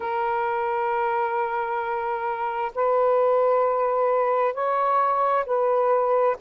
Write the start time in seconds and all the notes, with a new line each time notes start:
0.00 A#4
2.74 B4
4.53 C#5
5.45 B4